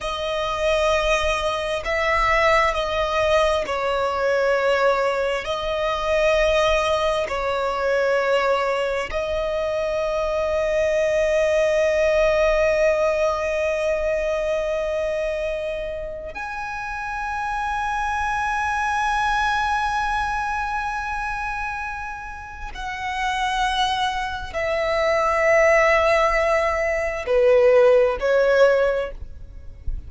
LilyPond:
\new Staff \with { instrumentName = "violin" } { \time 4/4 \tempo 4 = 66 dis''2 e''4 dis''4 | cis''2 dis''2 | cis''2 dis''2~ | dis''1~ |
dis''2 gis''2~ | gis''1~ | gis''4 fis''2 e''4~ | e''2 b'4 cis''4 | }